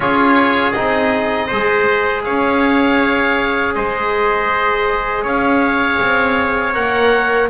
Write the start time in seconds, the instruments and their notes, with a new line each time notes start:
0.00 double bass C#4, trombone F4, trumpet G#4, oboe C#5
0.72 double bass C4, trombone D#4, oboe D#5
1.47 double bass G#3, trombone G#4, trumpet C5
2.23 double bass C#4, trumpet C#5, oboe F5
3.74 double bass G#3, trumpet C5, oboe D#5
5.23 double bass C#4, trumpet C#5, oboe F5
6.00 double bass C4
6.73 double bass A#3, trombone A#4, oboe F#5